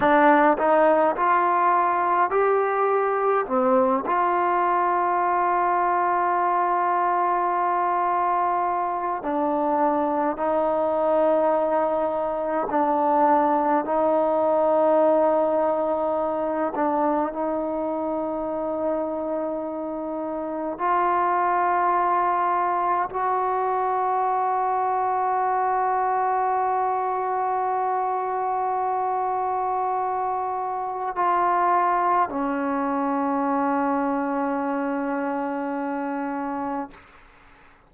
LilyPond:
\new Staff \with { instrumentName = "trombone" } { \time 4/4 \tempo 4 = 52 d'8 dis'8 f'4 g'4 c'8 f'8~ | f'1 | d'4 dis'2 d'4 | dis'2~ dis'8 d'8 dis'4~ |
dis'2 f'2 | fis'1~ | fis'2. f'4 | cis'1 | }